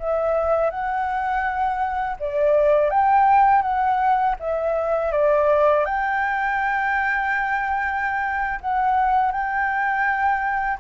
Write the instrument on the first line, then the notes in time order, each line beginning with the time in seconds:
flute
0.00 E5
0.71 F#5
2.20 D5
2.90 G5
3.63 F#5
4.40 E5
5.12 D5
5.86 G5
8.61 F#5
9.32 G5